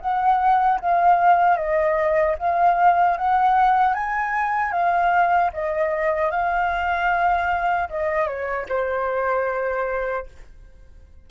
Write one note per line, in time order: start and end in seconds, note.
0.00 0.79 F#5
0.80 1.56 F5
1.56 2.35 D#5
2.38 3.17 F5
3.17 3.94 F#5
3.94 4.72 G#5
4.72 5.50 F5
5.53 6.31 D#5
6.31 7.88 F5
7.89 8.26 D#5
8.26 8.66 C#5
8.68 10.26 C5